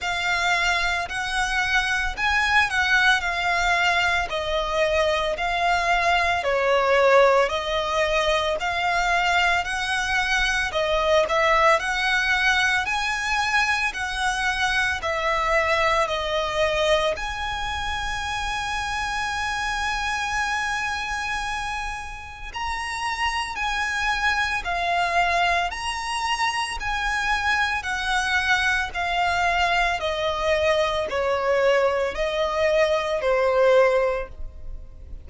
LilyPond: \new Staff \with { instrumentName = "violin" } { \time 4/4 \tempo 4 = 56 f''4 fis''4 gis''8 fis''8 f''4 | dis''4 f''4 cis''4 dis''4 | f''4 fis''4 dis''8 e''8 fis''4 | gis''4 fis''4 e''4 dis''4 |
gis''1~ | gis''4 ais''4 gis''4 f''4 | ais''4 gis''4 fis''4 f''4 | dis''4 cis''4 dis''4 c''4 | }